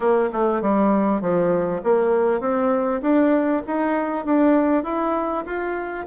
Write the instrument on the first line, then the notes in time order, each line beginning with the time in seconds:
bassoon
0.00 A#3
0.32 A3
0.61 G3
1.21 F3
1.83 A#3
2.40 C4
3.01 D4
3.67 D#4
4.25 D4
4.83 E4
5.45 F4